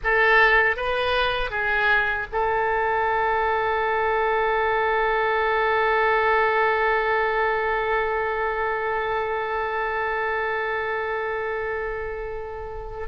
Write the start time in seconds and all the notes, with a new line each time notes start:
0.03 A4
0.76 B4
1.50 G#4
2.31 A4